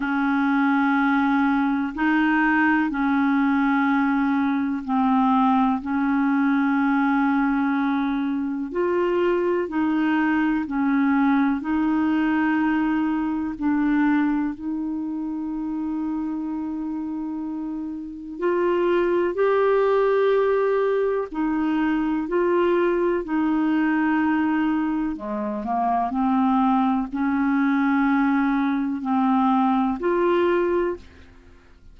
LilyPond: \new Staff \with { instrumentName = "clarinet" } { \time 4/4 \tempo 4 = 62 cis'2 dis'4 cis'4~ | cis'4 c'4 cis'2~ | cis'4 f'4 dis'4 cis'4 | dis'2 d'4 dis'4~ |
dis'2. f'4 | g'2 dis'4 f'4 | dis'2 gis8 ais8 c'4 | cis'2 c'4 f'4 | }